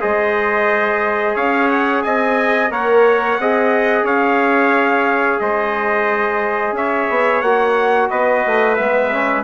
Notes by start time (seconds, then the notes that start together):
0.00 G#3 G#4 C5 D#5
1.35 C#4 C#5 F5
1.69 F#5
2.03 C4 D#5 G#5
2.71 A#3 A#4 C#5 F#5
3.39 C4 G#4 D#5
4.03 C#4 C#5 F5
5.40 G#3 C5 D#5
6.73 C#4 C#5 E5
7.10 B3
7.42 A#3 F#4 F#5
8.11 B3 B4 D#5
8.46 A3
8.76 G#3 B3 E5
9.12 C#4